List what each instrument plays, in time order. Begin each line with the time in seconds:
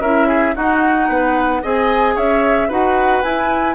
0.00 bassoon C#4, clarinet E4, oboe A#4, flute E5
0.28 oboe G#4
0.55 clarinet D#4, bassoon D#4, oboe F#4, flute F#5
1.09 bassoon B3, oboe B4
1.62 bassoon C4, clarinet G#4, oboe D#5, flute G#5
2.15 bassoon C#4, oboe C#5, flute E5
2.68 bassoon D#4, clarinet F#4, oboe B4, flute F#5
3.23 bassoon E4, clarinet E4, flute G#5